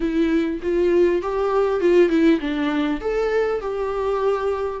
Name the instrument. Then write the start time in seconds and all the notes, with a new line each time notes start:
viola
0.00 E4
0.62 F4
1.22 G4
1.80 F4
2.09 E4
2.40 D4
3.01 A4
3.60 G4